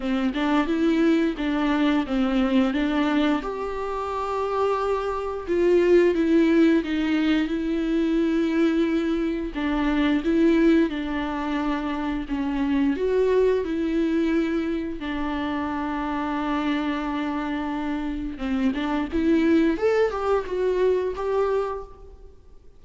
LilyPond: \new Staff \with { instrumentName = "viola" } { \time 4/4 \tempo 4 = 88 c'8 d'8 e'4 d'4 c'4 | d'4 g'2. | f'4 e'4 dis'4 e'4~ | e'2 d'4 e'4 |
d'2 cis'4 fis'4 | e'2 d'2~ | d'2. c'8 d'8 | e'4 a'8 g'8 fis'4 g'4 | }